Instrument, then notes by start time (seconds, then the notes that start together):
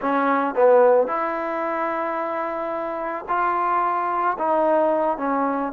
trombone
0.01 C#4
0.55 B3
1.07 E4
3.28 F4
4.38 D#4
5.17 C#4